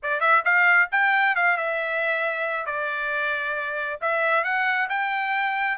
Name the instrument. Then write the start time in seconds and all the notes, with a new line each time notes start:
trumpet
0.02 D5
0.20 E5
0.44 F5
0.91 G5
1.35 F5
1.57 E5
2.66 D5
4.01 E5
4.44 F#5
4.89 G5